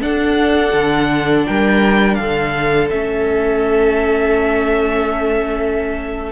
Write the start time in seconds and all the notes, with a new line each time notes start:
0.00 D4 A4 F#5
0.73 D3
1.46 G3 A#4 G5
2.15 D3 A4 F5
2.90 A3 C#4 E5